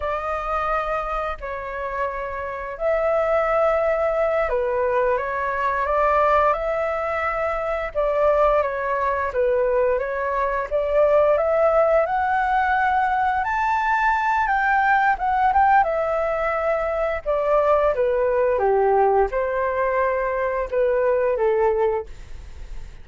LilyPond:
\new Staff \with { instrumentName = "flute" } { \time 4/4 \tempo 4 = 87 dis''2 cis''2 | e''2~ e''8 b'4 cis''8~ | cis''8 d''4 e''2 d''8~ | d''8 cis''4 b'4 cis''4 d''8~ |
d''8 e''4 fis''2 a''8~ | a''4 g''4 fis''8 g''8 e''4~ | e''4 d''4 b'4 g'4 | c''2 b'4 a'4 | }